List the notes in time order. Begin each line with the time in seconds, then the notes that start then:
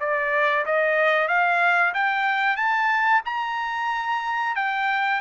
0.00 D5
0.66 D#5
1.28 F5
1.94 G5
2.56 A5
3.25 A#5
4.56 G5